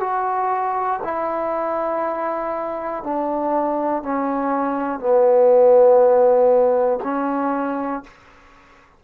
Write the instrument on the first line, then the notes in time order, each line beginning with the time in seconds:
trombone
0.00 F#4
1.03 E4
3.03 D4
4.02 C#4
5.00 B3
7.03 C#4